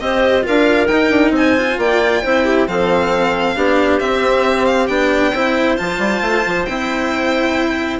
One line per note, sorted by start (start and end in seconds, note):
0.00 0.45 C4
0.00 0.42 G4
0.00 0.46 C5
0.00 0.44 D#5
0.42 0.86 F4
0.42 1.35 A#4
0.42 0.87 F5
0.48 0.89 D4
0.87 1.11 D#4
0.87 1.57 D#4
0.87 1.32 G5
1.11 1.31 D4
1.31 1.75 C4
1.31 1.79 C5
1.31 1.80 G#5
1.57 2.24 F4
1.78 2.22 A#3
1.78 2.23 D5
1.78 2.68 G5
2.23 2.68 C4
2.23 2.68 E4
2.23 2.45 C5
2.45 2.67 G4
2.68 3.56 F3
2.68 3.56 C4
2.68 3.56 A4
2.68 3.99 F5
3.56 4.01 B3
3.56 4.00 D4
3.56 5.34 G4
3.99 4.89 C4
3.99 4.66 E5
4.66 4.87 F5
4.87 5.33 B3
4.87 5.34 D4
4.87 5.76 G5
5.33 5.78 C4
5.33 5.78 E4
5.33 8.00 C5
5.77 5.99 F3
5.77 6.67 F4
5.77 6.66 A5
5.99 6.21 G3
6.22 6.44 A3
6.47 6.68 F3
6.66 8.00 C4
6.66 8.00 E4
6.66 7.99 G5